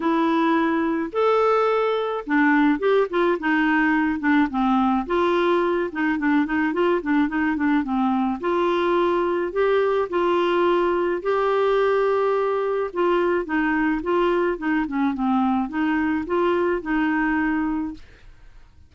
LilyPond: \new Staff \with { instrumentName = "clarinet" } { \time 4/4 \tempo 4 = 107 e'2 a'2 | d'4 g'8 f'8 dis'4. d'8 | c'4 f'4. dis'8 d'8 dis'8 | f'8 d'8 dis'8 d'8 c'4 f'4~ |
f'4 g'4 f'2 | g'2. f'4 | dis'4 f'4 dis'8 cis'8 c'4 | dis'4 f'4 dis'2 | }